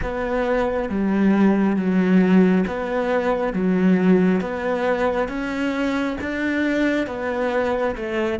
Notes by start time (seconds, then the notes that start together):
0.02 B3
0.89 G3
1.76 F#3
2.67 B3
3.53 F#3
4.40 B3
5.28 C#4
6.20 D4
7.06 B3
7.95 A3